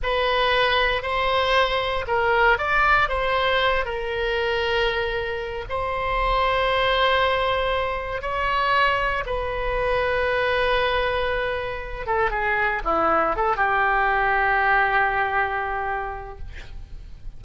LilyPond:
\new Staff \with { instrumentName = "oboe" } { \time 4/4 \tempo 4 = 117 b'2 c''2 | ais'4 d''4 c''4. ais'8~ | ais'2. c''4~ | c''1 |
cis''2 b'2~ | b'2.~ b'8 a'8 | gis'4 e'4 a'8 g'4.~ | g'1 | }